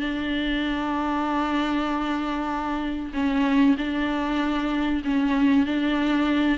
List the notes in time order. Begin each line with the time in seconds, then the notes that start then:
0.00 D4
3.13 C#4
3.77 D4
5.04 C#4
5.66 D4